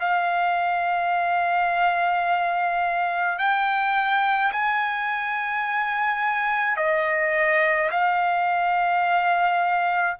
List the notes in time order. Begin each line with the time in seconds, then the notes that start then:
0.00 F5
3.39 G5
4.53 G#5
6.77 D#5
7.91 F5